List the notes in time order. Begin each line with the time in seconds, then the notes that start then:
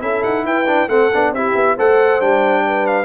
0.00 C#4 E4 A4 E5
0.24 D#4 F#5
0.45 E4 B4 G5
0.67 D4
0.88 A3 C4 A4 F#5
1.14 B3 D4
1.31 C4 E4 G4 E5
1.55 B3
1.76 A3 A4 C5 F#5
2.21 G3 D4 G5
2.66 B4
2.87 F5